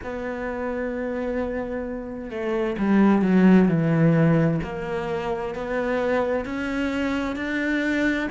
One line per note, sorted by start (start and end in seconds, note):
0.03 2.30 B3
2.30 2.76 A3
2.78 3.22 G3
3.22 3.68 F#3
3.68 4.60 E3
4.63 5.54 A#3
5.54 6.44 B3
6.44 7.36 C#4
7.36 8.28 D4